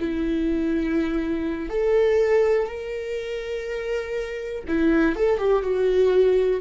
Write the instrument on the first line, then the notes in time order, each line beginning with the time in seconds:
viola
0.00 E4
1.70 A4
2.68 A#4
4.69 E4
5.16 A4
5.38 G4
5.63 F#4